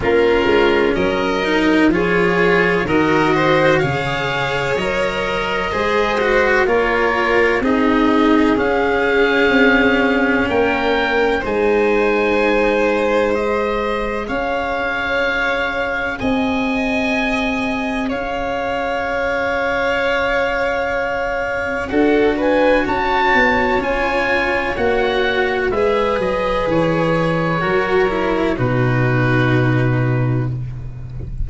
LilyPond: <<
  \new Staff \with { instrumentName = "oboe" } { \time 4/4 \tempo 4 = 63 ais'4 dis''4 cis''4 dis''4 | f''4 dis''2 cis''4 | dis''4 f''2 g''4 | gis''2 dis''4 f''4~ |
f''4 gis''2 f''4~ | f''2. fis''8 gis''8 | a''4 gis''4 fis''4 e''8 dis''8 | cis''2 b'2 | }
  \new Staff \with { instrumentName = "violin" } { \time 4/4 f'4 ais'4 gis'4 ais'8 c''8 | cis''2 c''4 ais'4 | gis'2. ais'4 | c''2. cis''4~ |
cis''4 dis''2 cis''4~ | cis''2. a'8 b'8 | cis''2. b'4~ | b'4 ais'4 fis'2 | }
  \new Staff \with { instrumentName = "cello" } { \time 4/4 cis'4. dis'8 f'4 fis'4 | gis'4 ais'4 gis'8 fis'8 f'4 | dis'4 cis'2. | dis'2 gis'2~ |
gis'1~ | gis'2. fis'4~ | fis'4 f'4 fis'4 gis'4~ | gis'4 fis'8 e'8 dis'2 | }
  \new Staff \with { instrumentName = "tuba" } { \time 4/4 ais8 gis8 fis4 f4 dis4 | cis4 fis4 gis4 ais4 | c'4 cis'4 c'4 ais4 | gis2. cis'4~ |
cis'4 c'2 cis'4~ | cis'2. d'4 | cis'8 b8 cis'4 ais4 gis8 fis8 | e4 fis4 b,2 | }
>>